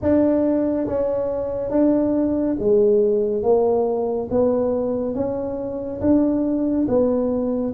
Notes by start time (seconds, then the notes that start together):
0.02 D4
0.86 C#4
1.70 D4
2.59 G#3
3.42 A#3
4.30 B3
5.14 C#4
6.00 D4
6.88 B3